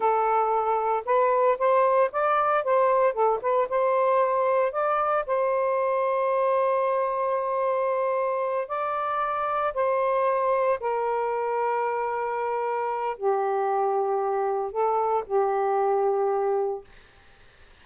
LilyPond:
\new Staff \with { instrumentName = "saxophone" } { \time 4/4 \tempo 4 = 114 a'2 b'4 c''4 | d''4 c''4 a'8 b'8 c''4~ | c''4 d''4 c''2~ | c''1~ |
c''8 d''2 c''4.~ | c''8 ais'2.~ ais'8~ | ais'4 g'2. | a'4 g'2. | }